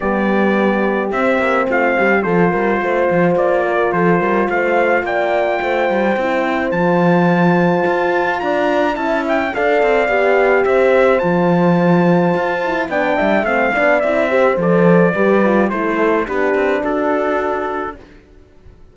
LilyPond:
<<
  \new Staff \with { instrumentName = "trumpet" } { \time 4/4 \tempo 4 = 107 d''2 e''4 f''4 | c''2 d''4 c''4 | f''4 g''2. | a''2. ais''4 |
a''8 g''8 f''2 e''4 | a''2. g''4 | f''4 e''4 d''2 | c''4 b'4 a'2 | }
  \new Staff \with { instrumentName = "horn" } { \time 4/4 g'2. f'8 g'8 | a'8 ais'8 c''4. ais'8 a'8 ais'8 | c''4 d''4 c''2~ | c''2. d''4 |
e''4 d''2 c''4~ | c''2. d''8 e''8~ | e''8 d''4 c''4. b'4 | a'4 g'4 fis'2 | }
  \new Staff \with { instrumentName = "horn" } { \time 4/4 b2 c'2 | f'1~ | f'2. e'4 | f'1 |
e'4 a'4 g'2 | f'2~ f'8 e'8 d'4 | c'8 d'8 e'8 g'8 a'4 g'8 f'8 | e'4 d'2. | }
  \new Staff \with { instrumentName = "cello" } { \time 4/4 g2 c'8 ais8 a8 g8 | f8 g8 a8 f8 ais4 f8 g8 | a4 ais4 a8 g8 c'4 | f2 f'4 d'4 |
cis'4 d'8 c'8 b4 c'4 | f2 f'4 b8 g8 | a8 b8 c'4 f4 g4 | a4 b8 c'8 d'2 | }
>>